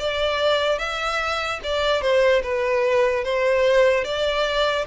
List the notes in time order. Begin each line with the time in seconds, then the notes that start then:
0.00 D5
0.79 E5
1.64 D5
2.02 C5
2.44 B4
3.25 C5
4.05 D5